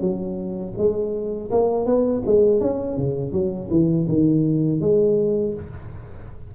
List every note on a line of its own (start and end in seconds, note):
0.00 0.73 F#3
0.77 1.50 G#3
1.51 1.85 A#3
1.85 2.22 B3
2.25 2.60 G#3
2.60 2.97 C#4
2.97 3.32 C#3
3.32 3.68 F#3
3.70 4.06 E3
4.08 4.80 D#3
4.80 5.53 G#3